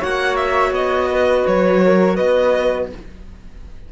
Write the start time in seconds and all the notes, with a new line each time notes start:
0.00 A#3 F#4 C#5 F#5
0.36 E5
0.71 B3 D#5
1.11 B4
1.47 F#3 C#5
1.85 A#4
2.16 B3 B4 D#5